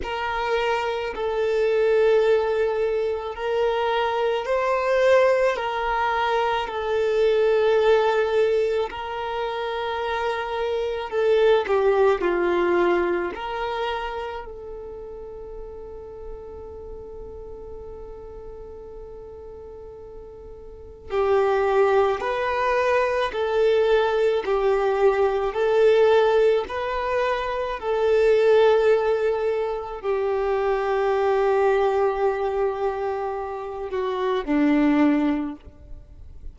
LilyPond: \new Staff \with { instrumentName = "violin" } { \time 4/4 \tempo 4 = 54 ais'4 a'2 ais'4 | c''4 ais'4 a'2 | ais'2 a'8 g'8 f'4 | ais'4 a'2.~ |
a'2. g'4 | b'4 a'4 g'4 a'4 | b'4 a'2 g'4~ | g'2~ g'8 fis'8 d'4 | }